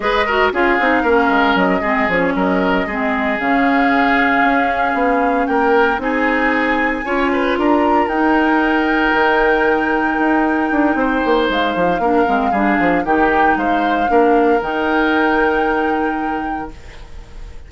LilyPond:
<<
  \new Staff \with { instrumentName = "flute" } { \time 4/4 \tempo 4 = 115 dis''4 f''2 dis''4 | cis''8 dis''2 f''4.~ | f''2~ f''8 g''4 gis''8~ | gis''2~ gis''8 ais''4 g''8~ |
g''1~ | g''2 f''2~ | f''4 g''4 f''2 | g''1 | }
  \new Staff \with { instrumentName = "oboe" } { \time 4/4 b'8 ais'8 gis'4 ais'4. gis'8~ | gis'8 ais'4 gis'2~ gis'8~ | gis'2~ gis'8 ais'4 gis'8~ | gis'4. cis''8 b'8 ais'4.~ |
ais'1~ | ais'4 c''2 ais'4 | gis'4 g'4 c''4 ais'4~ | ais'1 | }
  \new Staff \with { instrumentName = "clarinet" } { \time 4/4 gis'8 fis'8 f'8 dis'8 cis'4. c'8 | cis'4. c'4 cis'4.~ | cis'2.~ cis'8 dis'8~ | dis'4. f'2 dis'8~ |
dis'1~ | dis'2. d'8 c'8 | d'4 dis'2 d'4 | dis'1 | }
  \new Staff \with { instrumentName = "bassoon" } { \time 4/4 gis4 cis'8 c'8 ais8 gis8 fis8 gis8 | f8 fis4 gis4 cis4.~ | cis8 cis'4 b4 ais4 c'8~ | c'4. cis'4 d'4 dis'8~ |
dis'4. dis2 dis'8~ | dis'8 d'8 c'8 ais8 gis8 f8 ais8 gis8 | g8 f8 dis4 gis4 ais4 | dis1 | }
>>